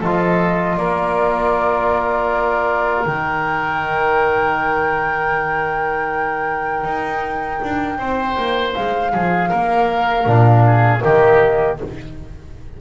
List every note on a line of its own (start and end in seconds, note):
0.00 0.77 F3
0.00 3.07 F4
0.00 0.76 A4
0.00 0.77 D#5
0.77 3.05 A#3
0.77 7.98 A#4
0.77 3.03 D5
3.03 6.84 D#3
3.03 10.26 D#4
3.03 8.72 G5
6.84 7.60 D#4
7.63 7.98 D4
7.98 8.36 C4
7.98 9.12 C5
8.37 8.75 A#3
8.74 9.14 G#3
8.74 11.01 F5
9.12 9.52 F3
9.12 9.49 G#4
9.49 10.26 A#3
9.49 10.63 A#4
10.26 11.02 A#2
10.26 11.00 D4
10.66 11.03 G#4
11.00 11.81 D#3
11.00 11.76 A#3
11.00 11.79 G4
11.00 11.77 D#5